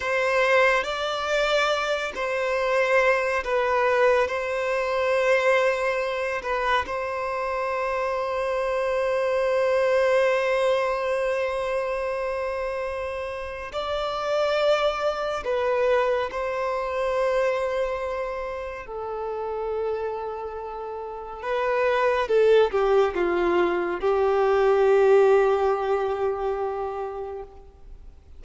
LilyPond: \new Staff \with { instrumentName = "violin" } { \time 4/4 \tempo 4 = 70 c''4 d''4. c''4. | b'4 c''2~ c''8 b'8 | c''1~ | c''1 |
d''2 b'4 c''4~ | c''2 a'2~ | a'4 b'4 a'8 g'8 f'4 | g'1 | }